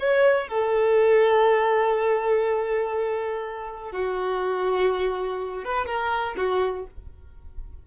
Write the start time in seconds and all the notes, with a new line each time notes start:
0.00 C#5
0.49 A4
3.92 F#4
5.65 B4
5.87 A#4
6.38 F#4